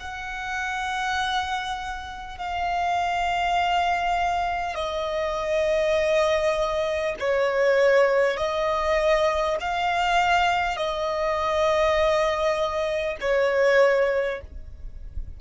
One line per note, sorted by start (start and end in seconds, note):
0.00 2.38 F#5
2.38 4.76 F5
4.76 7.16 D#5
7.20 8.38 C#5
8.38 9.58 D#5
9.61 10.77 F5
10.77 13.17 D#5
13.21 14.41 C#5